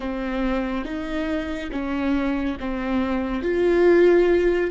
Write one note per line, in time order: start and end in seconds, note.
0.00 0.84 C4
0.84 1.70 D#4
1.71 2.57 C#4
2.59 3.42 C4
3.42 4.71 F4